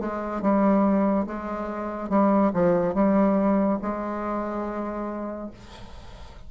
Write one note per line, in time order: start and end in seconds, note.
0.00 0.42 G#3
0.42 1.26 G3
1.27 2.09 G#3
2.09 2.52 G3
2.54 2.94 F3
2.94 3.79 G3
3.82 5.51 G#3